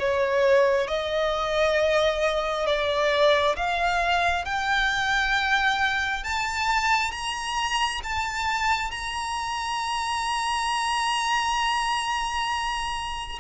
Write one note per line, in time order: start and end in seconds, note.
0.00 0.88 C#5
0.88 2.67 D#5
2.67 3.56 D5
3.57 4.45 F5
4.45 6.24 G5
6.24 7.12 A5
7.12 8.01 A#5
8.04 8.91 A5
8.91 13.39 A#5